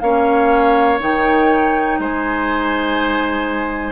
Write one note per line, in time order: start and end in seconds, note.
0.00 1.00 A#3
0.00 0.99 C#4
0.00 1.99 C#5
0.00 0.98 F5
0.99 1.99 D#3
0.99 3.92 D#4
0.99 2.00 G5
1.99 3.92 G#3
1.99 3.92 C5
1.99 3.92 G#5